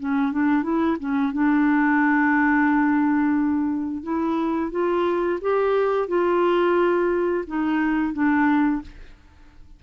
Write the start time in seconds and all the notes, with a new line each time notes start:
0.00 C#4
0.32 D4
0.63 E4
1.00 C#4
1.33 D4
4.04 E4
4.72 F4
5.42 G4
6.08 F4
7.48 D#4
8.14 D4